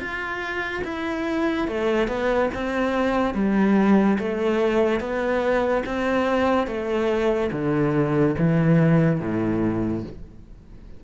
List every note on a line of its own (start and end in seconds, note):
0.00 0.83 F4
0.84 1.68 E4
1.68 2.08 A3
2.08 2.50 B3
2.55 3.34 C4
3.34 4.18 G3
4.19 5.00 A3
5.00 5.84 B3
5.86 6.67 C4
6.67 7.50 A3
7.52 8.36 D3
8.38 9.20 E3
9.20 10.04 A2